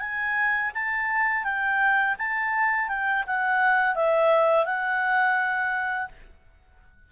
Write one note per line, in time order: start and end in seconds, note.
0.00 0.71 G#5
0.74 1.44 A5
1.44 2.15 G5
2.18 2.88 A5
2.88 3.24 G5
3.27 3.95 F#5
3.95 4.65 E5
4.65 6.08 F#5